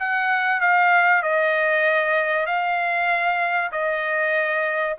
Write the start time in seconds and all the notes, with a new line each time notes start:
0.00 F#5
0.61 F5
1.23 D#5
2.47 F5
3.72 D#5